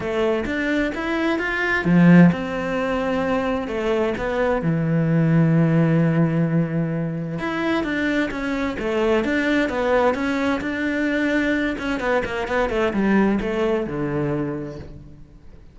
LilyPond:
\new Staff \with { instrumentName = "cello" } { \time 4/4 \tempo 4 = 130 a4 d'4 e'4 f'4 | f4 c'2. | a4 b4 e2~ | e1 |
e'4 d'4 cis'4 a4 | d'4 b4 cis'4 d'4~ | d'4. cis'8 b8 ais8 b8 a8 | g4 a4 d2 | }